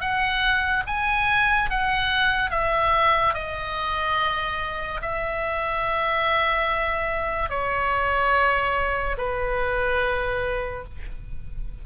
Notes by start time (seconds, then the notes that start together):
0.00 F#5
0.87 G#5
1.70 F#5
2.50 E5
3.34 D#5
5.02 E5
7.49 C#5
9.17 B4